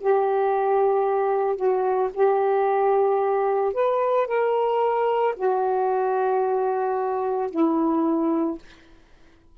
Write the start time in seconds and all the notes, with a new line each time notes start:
0.00 G4
1.56 F#4
2.14 G4
3.74 B4
4.27 A#4
5.36 F#4
7.50 E4